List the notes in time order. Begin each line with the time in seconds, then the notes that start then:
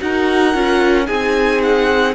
0.00 D#4 F#4 A#4 F#5
0.54 C#4 F4
1.05 C4 D#4 G#4 G#5
1.63 F#5